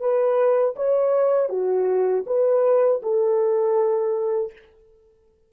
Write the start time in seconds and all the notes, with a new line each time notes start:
0.00 B4
0.76 C#5
1.49 F#4
2.26 B4
3.02 A4